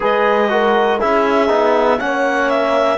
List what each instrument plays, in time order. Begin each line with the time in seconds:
0.00 cello G#3, trombone G#4, horn B4, clarinet D#5
0.49 trombone F#4, horn A#4
0.99 cello C#4, trombone E4, horn G#4, clarinet E5
1.48 cello B3, trombone D#4
1.99 cello A#3, trombone C#4, horn C#5, clarinet F#5
2.49 clarinet E5